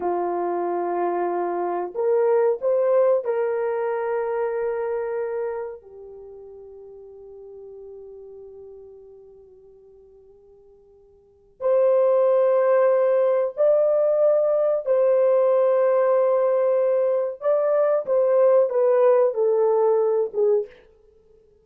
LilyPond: \new Staff \with { instrumentName = "horn" } { \time 4/4 \tempo 4 = 93 f'2. ais'4 | c''4 ais'2.~ | ais'4 g'2.~ | g'1~ |
g'2 c''2~ | c''4 d''2 c''4~ | c''2. d''4 | c''4 b'4 a'4. gis'8 | }